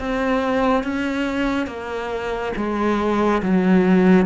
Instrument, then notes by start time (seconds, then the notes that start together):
cello
0.00 C4
0.84 C#4
1.67 A#3
2.57 G#3
3.43 F#3